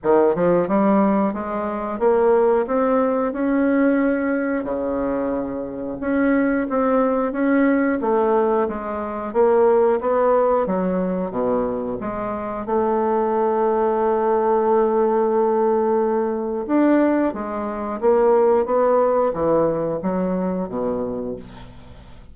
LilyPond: \new Staff \with { instrumentName = "bassoon" } { \time 4/4 \tempo 4 = 90 dis8 f8 g4 gis4 ais4 | c'4 cis'2 cis4~ | cis4 cis'4 c'4 cis'4 | a4 gis4 ais4 b4 |
fis4 b,4 gis4 a4~ | a1~ | a4 d'4 gis4 ais4 | b4 e4 fis4 b,4 | }